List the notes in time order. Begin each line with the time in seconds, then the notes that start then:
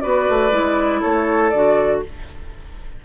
0.00 B3 F#4 B4 D5
0.29 A3
0.51 G#3 E4
1.01 A3 A4 C#5
1.50 D3 F#4 D5